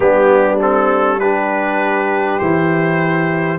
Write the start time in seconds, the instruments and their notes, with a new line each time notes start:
0.00 tuba G3, trombone B3, horn D4, trumpet G4
0.60 trombone C4, trumpet A4
1.19 trombone D4, horn G4, trumpet B4
2.39 tuba E3, trombone E4, trumpet C5